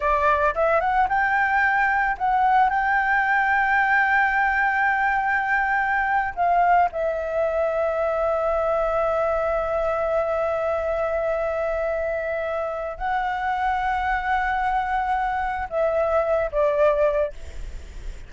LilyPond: \new Staff \with { instrumentName = "flute" } { \time 4/4 \tempo 4 = 111 d''4 e''8 fis''8 g''2 | fis''4 g''2.~ | g''2.~ g''8. f''16~ | f''8. e''2.~ e''16~ |
e''1~ | e''1 | fis''1~ | fis''4 e''4. d''4. | }